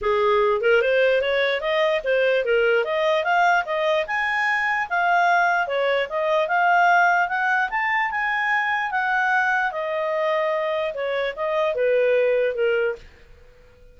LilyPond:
\new Staff \with { instrumentName = "clarinet" } { \time 4/4 \tempo 4 = 148 gis'4. ais'8 c''4 cis''4 | dis''4 c''4 ais'4 dis''4 | f''4 dis''4 gis''2 | f''2 cis''4 dis''4 |
f''2 fis''4 a''4 | gis''2 fis''2 | dis''2. cis''4 | dis''4 b'2 ais'4 | }